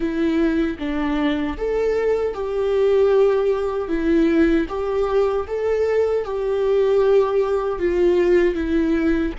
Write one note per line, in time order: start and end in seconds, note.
0.00 0.77 E4
0.78 1.56 D4
1.57 2.34 A4
2.34 3.88 G4
3.88 4.66 E4
4.68 5.46 G4
5.47 6.24 A4
6.24 7.79 G4
7.79 8.55 F4
8.55 9.33 E4